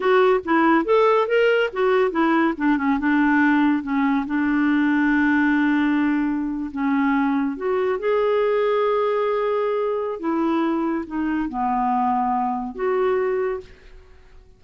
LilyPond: \new Staff \with { instrumentName = "clarinet" } { \time 4/4 \tempo 4 = 141 fis'4 e'4 a'4 ais'4 | fis'4 e'4 d'8 cis'8 d'4~ | d'4 cis'4 d'2~ | d'2.~ d'8. cis'16~ |
cis'4.~ cis'16 fis'4 gis'4~ gis'16~ | gis'1 | e'2 dis'4 b4~ | b2 fis'2 | }